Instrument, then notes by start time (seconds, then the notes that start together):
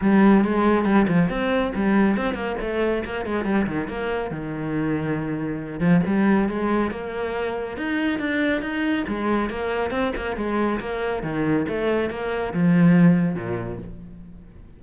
cello
0.01 G3
0.44 G#3
0.85 G3
1.08 F3
1.29 C4
1.75 G3
2.16 C4
2.34 A#3
2.60 A3
3.04 A#3
3.25 G#3
3.44 G3
3.66 D#3
3.88 A#3
4.30 D#3
5.80 F3
6.06 G3
6.48 G#3
6.90 A#3
7.77 D#4
8.19 D4
8.61 D#4
9.07 G#3
9.49 A#3
9.90 C4
10.16 A#3
10.36 G#3
10.80 A#3
11.22 D#3
11.68 A3
12.10 A#3
12.53 F3
13.35 A#2